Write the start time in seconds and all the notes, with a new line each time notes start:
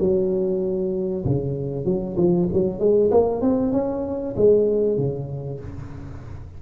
0.00 F#3
1.25 C#3
1.85 F#3
2.17 F3
2.53 F#3
2.80 G#3
3.12 A#3
3.42 C4
3.73 C#4
4.37 G#3
4.98 C#3